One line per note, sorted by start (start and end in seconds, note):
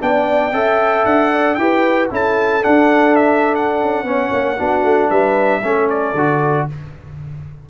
0.00 0.52 B3
0.00 0.52 D4
0.00 0.54 D5
0.00 1.05 G5
0.52 1.04 C#4
0.52 1.57 A4
0.52 1.32 E5
1.05 1.57 D4
1.05 1.54 F#5
1.32 1.58 D5
1.54 2.10 E4
1.54 2.10 G4
1.54 2.07 G5
1.61 2.12 B4
2.10 2.63 C#4
2.10 2.62 E4
2.10 4.07 A4
2.10 2.64 A5
2.62 4.05 D4
2.62 3.82 D4
2.62 3.15 F#5
3.15 3.55 E5
3.55 5.10 F#5
3.82 4.03 C#4
4.03 4.29 B3
4.03 4.57 C#4
4.03 4.58 C#5
4.32 4.59 A#3
4.58 4.83 B3
4.58 5.62 D4
4.58 5.09 F#4
4.83 5.09 A3
5.09 5.62 G3
5.09 5.61 B4
5.09 5.88 E5
5.63 6.14 A3
5.63 6.15 C#4
5.63 6.67 A4
5.89 6.68 D5
6.14 6.66 D3
6.14 6.69 F#4